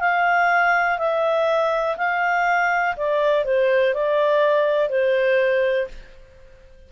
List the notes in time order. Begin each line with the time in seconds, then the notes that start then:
0.00 F5
0.98 E5
1.97 F5
2.96 D5
3.44 C5
3.93 D5
4.89 C5